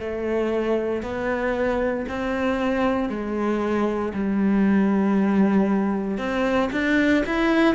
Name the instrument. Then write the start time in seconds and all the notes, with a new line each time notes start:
cello
0.00 A3
1.03 B3
2.09 C4
3.10 G#3
4.14 G3
6.18 C4
6.73 D4
7.27 E4